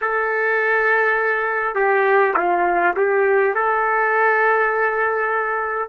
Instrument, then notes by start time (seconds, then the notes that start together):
trumpet
0.01 A4
1.75 G4
2.36 F4
2.96 G4
3.55 A4